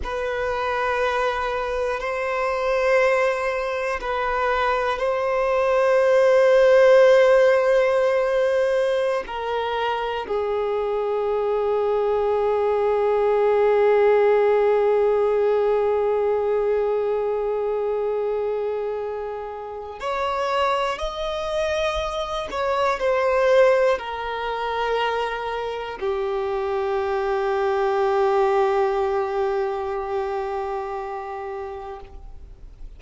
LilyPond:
\new Staff \with { instrumentName = "violin" } { \time 4/4 \tempo 4 = 60 b'2 c''2 | b'4 c''2.~ | c''4~ c''16 ais'4 gis'4.~ gis'16~ | gis'1~ |
gis'1 | cis''4 dis''4. cis''8 c''4 | ais'2 g'2~ | g'1 | }